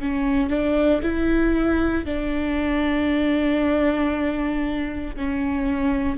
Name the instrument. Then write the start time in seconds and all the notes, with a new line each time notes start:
viola
0.00 C#4
0.50 D4
1.03 E4
2.05 D4
5.16 C#4